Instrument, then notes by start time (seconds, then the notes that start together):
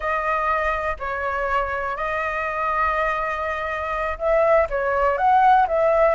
flute
0.00 D#5
0.99 C#5
1.96 D#5
4.18 E5
4.69 C#5
5.17 F#5
5.67 E5